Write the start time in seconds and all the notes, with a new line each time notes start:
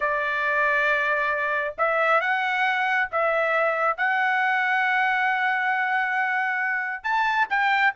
0.00 D5
1.77 E5
2.20 F#5
3.11 E5
3.97 F#5
7.03 A5
7.49 G5